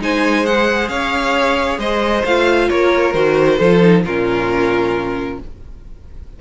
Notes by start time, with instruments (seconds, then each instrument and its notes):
0.00 cello G#3, viola D#4, violin C5 G#5
0.45 viola G#4, violin F#5
0.88 cello C#4, violin C#5 F5
1.78 cello G#3, violin C5 D#5
2.25 cello A3, viola F4, violin F5
2.69 cello A#3, violin A#4 C#5
3.13 cello D#3, viola F#4, violin C5
3.58 cello F3, viola F4, violin A4
3.81 viola D#4
4.05 cello A#2, viola C#4, violin F4 A#4